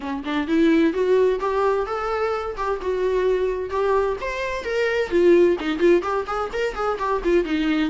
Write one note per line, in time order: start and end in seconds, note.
0.00 0.23 C#4
0.24 0.47 D4
0.47 0.93 E4
0.93 1.39 F#4
1.40 1.86 G4
1.86 2.56 A4
2.56 2.80 G4
2.81 3.70 F#4
3.70 4.16 G4
4.20 4.64 C5
4.64 5.10 A#4
5.10 5.57 F4
5.60 5.78 D#4
5.78 6.02 F4
6.02 6.25 G4
6.26 6.50 G#4
6.52 6.74 A#4
6.74 6.98 G#4
6.99 7.22 G4
7.24 7.44 F4
7.44 7.90 D#4